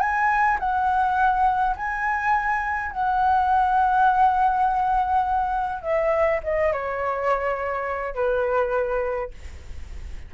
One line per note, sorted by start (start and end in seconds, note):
0.00 0.58 G#5
0.59 1.76 F#5
1.76 2.92 G#5
2.92 5.82 F#5
5.82 6.40 E5
6.43 6.73 D#5
6.73 8.15 C#5
8.15 9.31 B4